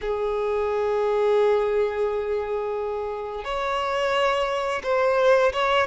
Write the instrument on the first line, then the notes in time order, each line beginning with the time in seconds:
violin
0.01 G#4
3.44 C#5
4.83 C5
5.52 C#5